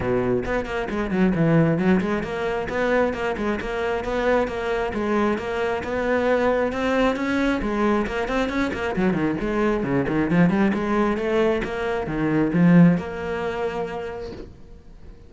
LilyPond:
\new Staff \with { instrumentName = "cello" } { \time 4/4 \tempo 4 = 134 b,4 b8 ais8 gis8 fis8 e4 | fis8 gis8 ais4 b4 ais8 gis8 | ais4 b4 ais4 gis4 | ais4 b2 c'4 |
cis'4 gis4 ais8 c'8 cis'8 ais8 | fis8 dis8 gis4 cis8 dis8 f8 g8 | gis4 a4 ais4 dis4 | f4 ais2. | }